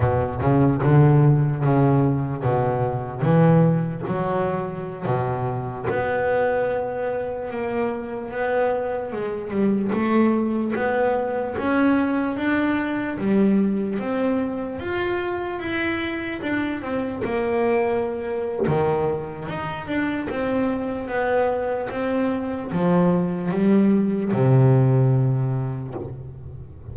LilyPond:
\new Staff \with { instrumentName = "double bass" } { \time 4/4 \tempo 4 = 74 b,8 cis8 d4 cis4 b,4 | e4 fis4~ fis16 b,4 b8.~ | b4~ b16 ais4 b4 gis8 g16~ | g16 a4 b4 cis'4 d'8.~ |
d'16 g4 c'4 f'4 e'8.~ | e'16 d'8 c'8 ais4.~ ais16 dis4 | dis'8 d'8 c'4 b4 c'4 | f4 g4 c2 | }